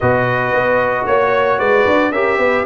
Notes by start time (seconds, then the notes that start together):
0.00 B2 F#4 B4 D#5
0.53 B3
1.06 A#3 C#5
1.58 G#3 B4 D5
1.86 D4
2.11 C#4 G4 A#4 E5
2.38 B3 B4